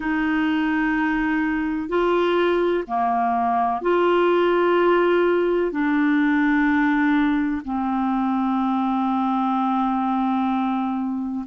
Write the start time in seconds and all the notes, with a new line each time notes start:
0.00 D#4
1.88 F4
2.87 A#3
3.81 F4
5.71 D4
7.65 C4